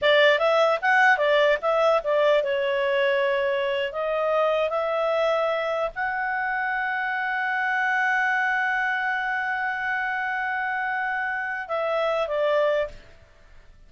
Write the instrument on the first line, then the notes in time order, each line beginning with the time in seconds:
clarinet
0.01 D5
0.38 E5
0.81 F#5
1.17 D5
1.61 E5
2.03 D5
2.43 C#5
3.92 D#5
4.69 E5
5.95 F#5
11.67 E5
12.27 D5